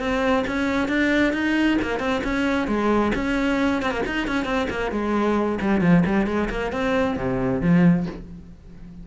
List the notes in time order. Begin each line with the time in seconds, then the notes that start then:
0.00 C4
0.48 C#4
0.89 D4
1.34 D#4
1.82 A#3
2.00 C4
2.24 C#4
2.68 G#3
3.15 C#4
3.83 C4
3.92 A#3
4.07 D#4
4.28 C#4
4.46 C4
4.70 A#3
4.92 G#3
5.62 G3
5.81 F3
6.06 G3
6.27 G#3
6.50 A#3
6.73 C4
7.17 C3
7.62 F3